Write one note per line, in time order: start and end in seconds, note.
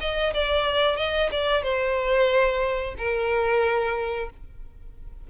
0.00 0.33 D#5
0.34 0.97 D5
0.97 1.29 D#5
1.31 1.63 D5
1.63 2.95 C5
2.98 4.29 A#4